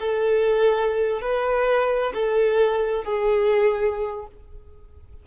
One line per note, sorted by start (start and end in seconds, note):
0.00 1.22 A4
1.22 2.13 B4
2.14 3.04 A4
3.04 4.27 G#4